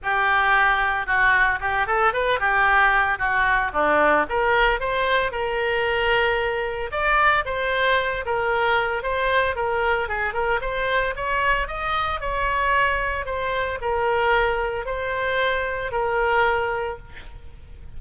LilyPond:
\new Staff \with { instrumentName = "oboe" } { \time 4/4 \tempo 4 = 113 g'2 fis'4 g'8 a'8 | b'8 g'4. fis'4 d'4 | ais'4 c''4 ais'2~ | ais'4 d''4 c''4. ais'8~ |
ais'4 c''4 ais'4 gis'8 ais'8 | c''4 cis''4 dis''4 cis''4~ | cis''4 c''4 ais'2 | c''2 ais'2 | }